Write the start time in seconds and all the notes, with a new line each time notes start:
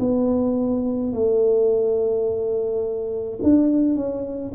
0.00 B3
1.13 A3
3.43 D4
3.96 C#4